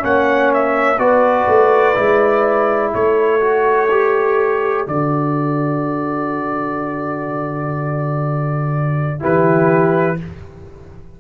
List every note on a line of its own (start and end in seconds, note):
0.00 0.99 A#3
0.00 0.97 C#4
0.00 1.01 C#5
0.00 0.53 F#5
0.54 0.99 E5
0.99 1.47 B3
0.99 1.95 F#4
0.99 2.94 B4
0.99 2.93 D5
1.48 1.96 A3
1.95 2.94 G#3
1.95 3.40 E4
2.94 4.87 A3
2.94 9.21 A4
2.94 4.87 C#5
3.41 3.89 F#4
3.91 4.87 G4
4.87 9.23 D3
4.87 9.20 F#4
4.87 9.23 D5
9.20 10.20 E3
9.20 10.17 E4
9.20 10.18 G4
9.20 10.20 B4